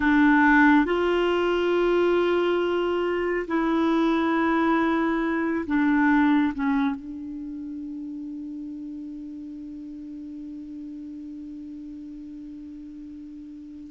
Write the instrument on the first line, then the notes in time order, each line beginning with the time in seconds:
clarinet
0.00 D4
0.85 F4
3.47 E4
5.66 D4
6.54 C#4
6.95 D4